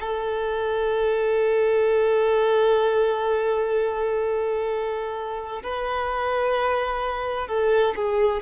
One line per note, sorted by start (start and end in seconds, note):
0.00 5.62 A4
5.63 7.47 B4
7.47 7.94 A4
7.95 8.42 G#4